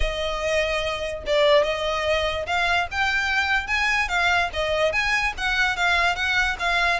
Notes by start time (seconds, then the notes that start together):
0.00 D#5
1.26 D5
1.63 D#5
2.46 F5
2.91 G5
3.67 G#5
4.08 F5
4.53 D#5
4.92 G#5
5.37 F#5
5.76 F5
6.15 F#5
6.59 F5